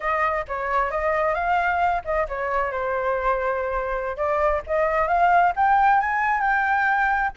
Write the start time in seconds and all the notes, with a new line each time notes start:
0.00 D#5
0.47 C#5
0.90 D#5
1.34 F5
2.04 D#5
2.28 C#5
2.71 C5
4.16 D5
4.66 D#5
5.07 F5
5.55 G5
6.00 G#5
6.40 G5